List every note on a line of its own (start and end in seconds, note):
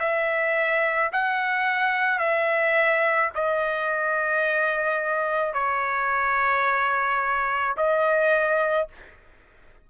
0.00 1.11 E5
1.13 2.19 F#5
2.19 3.30 E5
3.35 5.54 D#5
5.54 7.76 C#5
7.77 8.88 D#5